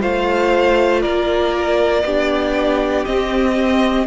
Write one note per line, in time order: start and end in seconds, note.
0.00 1.04 A3
0.00 2.03 F4
0.00 1.01 C5
0.00 1.01 F5
1.01 2.03 A#3
1.01 2.03 A#4
1.01 3.04 D5
2.03 3.04 B3
2.03 3.05 D4
2.03 4.06 G4
3.04 4.06 C4
3.04 4.06 D#5